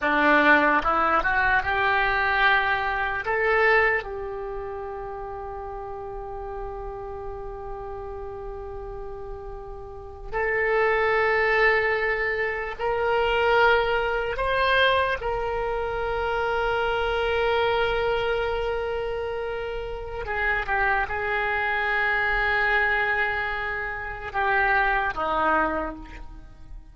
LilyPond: \new Staff \with { instrumentName = "oboe" } { \time 4/4 \tempo 4 = 74 d'4 e'8 fis'8 g'2 | a'4 g'2.~ | g'1~ | g'8. a'2. ais'16~ |
ais'4.~ ais'16 c''4 ais'4~ ais'16~ | ais'1~ | ais'4 gis'8 g'8 gis'2~ | gis'2 g'4 dis'4 | }